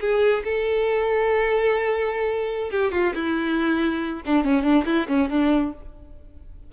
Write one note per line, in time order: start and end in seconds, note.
0.00 0.43 G#4
0.44 2.71 A4
2.71 2.92 G4
2.92 3.13 F4
3.14 4.22 E4
4.25 4.44 D4
4.44 4.63 C#4
4.63 4.85 D4
4.85 5.07 E4
5.08 5.29 C#4
5.29 5.73 D4